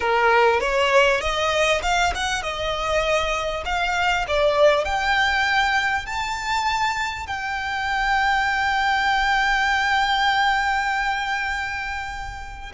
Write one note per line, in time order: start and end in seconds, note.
0.00 0.60 A#4
0.60 1.20 C#5
1.20 1.81 D#5
1.82 2.12 F5
2.14 2.42 F#5
2.42 3.63 D#5
3.65 4.25 F5
4.27 4.85 D5
4.85 6.06 G5
6.06 7.26 A5
7.26 12.72 G5